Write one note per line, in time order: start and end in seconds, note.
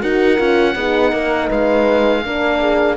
0.00 0.40 D#4
0.00 0.37 F#4
0.00 0.75 A#4
0.00 1.50 F#5
0.37 0.75 C#4
0.37 0.74 F4
0.75 1.12 B3
0.75 2.25 D#4
0.75 1.12 G#4
1.12 1.49 A#3
1.12 1.48 A#4
1.48 2.25 G#3
1.48 2.22 B4
1.48 2.96 F5
2.25 2.96 A#3
2.25 2.96 D4
2.25 2.60 A#4
2.60 2.96 G#4